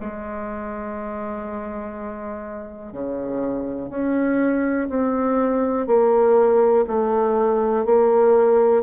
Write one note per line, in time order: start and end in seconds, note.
0.00 2.92 G#3
2.92 3.89 C#3
3.89 4.88 C#4
4.89 5.87 C4
5.87 6.85 A#3
6.87 7.85 A3
7.85 8.83 A#3